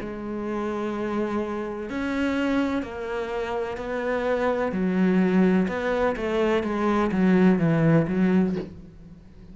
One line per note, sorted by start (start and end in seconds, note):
0.00 1.89 G#3
1.89 2.82 C#4
2.82 3.77 A#3
3.77 4.71 B3
4.71 5.67 F#3
5.68 6.16 B3
6.16 6.63 A3
6.63 7.10 G#3
7.11 7.58 F#3
7.58 8.06 E3
8.07 8.55 F#3